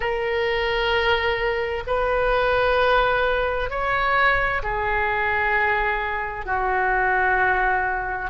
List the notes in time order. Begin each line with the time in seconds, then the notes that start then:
0.00 A#4
1.87 B4
3.69 C#5
4.62 G#4
6.45 F#4